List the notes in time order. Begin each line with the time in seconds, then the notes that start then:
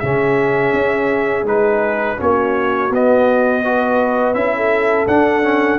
0.00 C#3 C#4 G#4 E5
0.73 C#4
1.44 G#3 D#4 B4
2.18 A#3 C#4 F#4 C#5
2.90 B3 D#5
3.65 F#4 B4
4.34 C#4 E4 E5
4.57 A4
5.07 D4 F#5
5.43 C#4